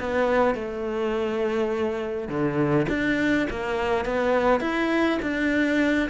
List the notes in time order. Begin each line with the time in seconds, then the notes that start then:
0.00 B3
0.55 A3
2.29 D3
2.89 D4
3.50 A#3
4.06 B3
4.61 E4
5.22 D4